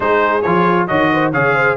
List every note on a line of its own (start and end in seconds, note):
0.00 0.42 G#3
0.00 0.41 D#4
0.00 0.87 G#4
0.00 0.42 C5
0.42 0.89 F3
0.42 0.88 F4
0.42 0.86 C#5
0.87 1.33 D#3
0.87 1.33 F#4
0.87 1.09 C#5
0.87 1.31 D#5
1.12 1.32 C5
1.32 1.77 C#3
1.32 1.77 G#4
1.32 1.54 C#5
1.32 1.77 F5
1.55 1.77 C5